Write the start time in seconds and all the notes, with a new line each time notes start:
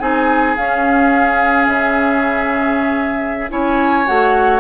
0.00 C4 D#4 G#4 G#5
0.57 C#4 F5
1.67 C#3 E5
3.50 C#4 E4 C#5 G#5
4.06 A3 F#4 F#5